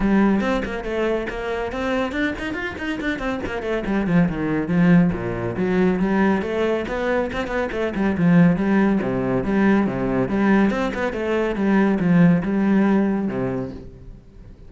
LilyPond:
\new Staff \with { instrumentName = "cello" } { \time 4/4 \tempo 4 = 140 g4 c'8 ais8 a4 ais4 | c'4 d'8 dis'8 f'8 dis'8 d'8 c'8 | ais8 a8 g8 f8 dis4 f4 | ais,4 fis4 g4 a4 |
b4 c'8 b8 a8 g8 f4 | g4 c4 g4 c4 | g4 c'8 b8 a4 g4 | f4 g2 c4 | }